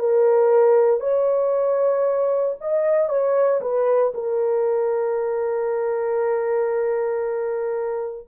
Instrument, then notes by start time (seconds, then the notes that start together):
horn
0.00 A#4
1.01 C#5
2.61 D#5
3.09 C#5
3.62 B4
4.14 A#4